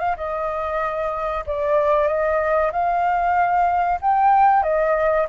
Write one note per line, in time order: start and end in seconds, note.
0.00 0.16 F5
0.17 1.45 D#5
1.47 2.08 D5
2.08 2.72 D#5
2.72 4.00 F5
4.02 4.63 G5
4.63 5.27 D#5